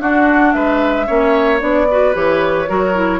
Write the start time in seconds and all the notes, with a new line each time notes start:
0.00 D4 F#4 F#5
0.52 G#3 B4 E5
1.06 A#3 C#4 C#5
1.59 B3 D4 D5
1.91 F#4 B4
2.13 E3 G4 C#5
2.67 F#3 F#4 A#4
2.94 E4